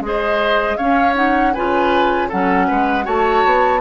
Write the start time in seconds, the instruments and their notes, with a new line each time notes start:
0.00 bassoon G#3, clarinet G#4, flute D#5
0.07 oboe C5
0.76 clarinet C#4, bassoon C#4, oboe C#5, flute F5
1.15 clarinet D#4, flute F#5
1.53 bassoon C#3, clarinet F4, oboe B4, flute G#5
2.29 bassoon F#3, clarinet C#4, oboe A4, flute F#5
2.67 bassoon G#3, oboe B4
3.03 bassoon A3, clarinet F#4, oboe C#5, flute A5
3.44 bassoon B3